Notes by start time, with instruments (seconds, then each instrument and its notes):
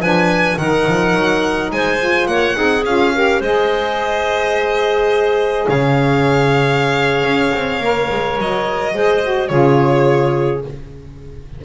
0.00 double bass F3, saxophone D4, clarinet B4, violin G#5
0.58 double bass D#3, saxophone D#4, clarinet A#4, violin F#5
0.88 double bass F3
1.15 double bass F#3
1.72 double bass G#3, clarinet C5, violin G#5
1.99 saxophone F4
2.28 double bass A#3, clarinet C#5, violin F#5
2.55 double bass C4, saxophone D#4, clarinet G#4
2.86 double bass C#4, saxophone F4, violin F5
3.15 saxophone G4, clarinet A#4
3.41 double bass G#3, saxophone G#4, clarinet C5, violin D#5
5.68 double bass C#3, clarinet C#5, violin F5
7.23 double bass C#4
7.55 double bass C4
7.80 double bass A#3, saxophone A#4
8.11 double bass G#3
8.38 double bass F#3, violin D#5
8.93 double bass G#3, saxophone G#4, clarinet C5
9.23 saxophone F#4
9.49 double bass C#3, saxophone F4, clarinet G#4, violin C#5